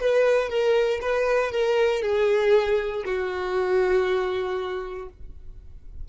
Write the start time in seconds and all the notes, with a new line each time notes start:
0.00 B4
0.49 A#4
1.01 B4
1.51 A#4
2.02 G#4
3.05 F#4